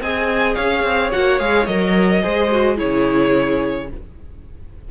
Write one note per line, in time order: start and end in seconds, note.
0.00 0.56 C4
0.00 1.11 G#4
0.00 0.55 D#5
0.00 0.55 G#5
0.55 0.83 C#4
0.55 2.22 C#5
0.55 1.10 F5
0.83 1.11 C4
1.11 1.39 A#3
1.11 1.39 F#4
1.11 1.39 F#5
1.39 1.67 G#3
1.39 1.67 G#4
1.39 1.66 F5
1.66 2.23 F#3
1.66 2.22 A#4
1.66 2.77 D#5
2.22 2.80 G#3
2.22 2.50 G#4
2.22 2.77 C5
2.51 2.76 F#4
2.76 3.91 C#3
2.76 3.87 E4
2.76 3.88 G#4
2.76 3.90 C#5